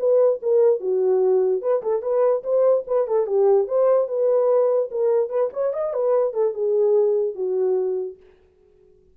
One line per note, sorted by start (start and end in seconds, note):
0.00 0.41 B4
0.43 0.81 A#4
0.81 1.62 F#4
1.62 1.83 B4
1.83 2.03 A4
2.03 2.43 B4
2.44 2.85 C5
2.87 3.08 B4
3.08 3.27 A4
3.27 3.68 G4
3.68 4.08 C5
4.08 4.90 B4
4.91 5.30 A#4
5.30 5.50 B4
5.54 5.74 C#5
5.74 5.94 D#5
5.94 6.34 B4
6.34 6.54 A4
6.54 7.35 G#4
7.35 8.17 F#4